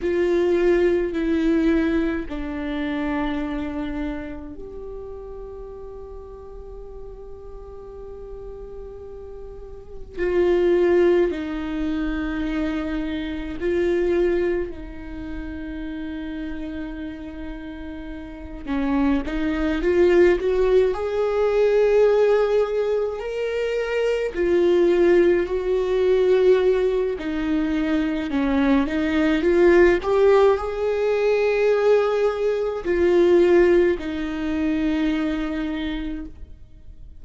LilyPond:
\new Staff \with { instrumentName = "viola" } { \time 4/4 \tempo 4 = 53 f'4 e'4 d'2 | g'1~ | g'4 f'4 dis'2 | f'4 dis'2.~ |
dis'8 cis'8 dis'8 f'8 fis'8 gis'4.~ | gis'8 ais'4 f'4 fis'4. | dis'4 cis'8 dis'8 f'8 g'8 gis'4~ | gis'4 f'4 dis'2 | }